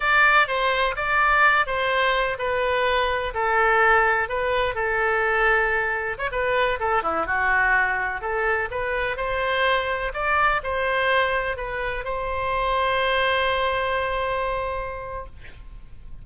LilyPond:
\new Staff \with { instrumentName = "oboe" } { \time 4/4 \tempo 4 = 126 d''4 c''4 d''4. c''8~ | c''4 b'2 a'4~ | a'4 b'4 a'2~ | a'4 cis''16 b'4 a'8 e'8 fis'8.~ |
fis'4~ fis'16 a'4 b'4 c''8.~ | c''4~ c''16 d''4 c''4.~ c''16~ | c''16 b'4 c''2~ c''8.~ | c''1 | }